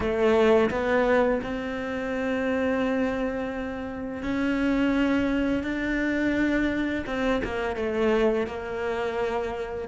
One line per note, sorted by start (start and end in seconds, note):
0.00 0.70 A3
0.70 1.41 B3
1.43 4.22 C4
4.22 5.63 C#4
5.63 7.04 D4
7.06 7.41 C4
7.43 7.76 A#3
7.76 8.46 A3
8.46 9.88 A#3